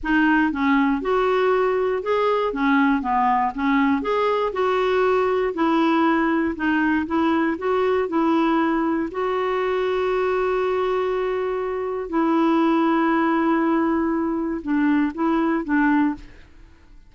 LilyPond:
\new Staff \with { instrumentName = "clarinet" } { \time 4/4 \tempo 4 = 119 dis'4 cis'4 fis'2 | gis'4 cis'4 b4 cis'4 | gis'4 fis'2 e'4~ | e'4 dis'4 e'4 fis'4 |
e'2 fis'2~ | fis'1 | e'1~ | e'4 d'4 e'4 d'4 | }